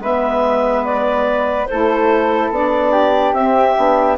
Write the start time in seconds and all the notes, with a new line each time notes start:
0.00 G#3 B3 B4 E5
0.86 D5
1.66 E4 A4 C5
1.73 A3
2.51 B3 D4 D5
2.92 G4
3.33 C4 E5
3.76 B3 D4